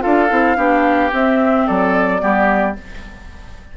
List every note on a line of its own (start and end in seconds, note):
0.00 0.31 D4
0.00 0.27 F4
0.00 0.56 A4
0.00 1.11 F5
0.29 0.57 C4
0.29 0.56 E4
0.56 1.11 B3
0.56 1.11 D4
0.56 1.66 G4
1.12 2.19 C4
1.12 1.67 C4
1.12 1.67 E5
1.66 2.22 F#3
1.66 2.21 A4
1.66 2.76 D5
2.19 2.77 G3
2.19 2.73 B3
2.19 2.76 G4